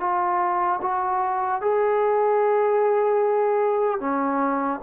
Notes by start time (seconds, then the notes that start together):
0.00 F4
0.82 F#4
1.61 G#4
4.00 C#4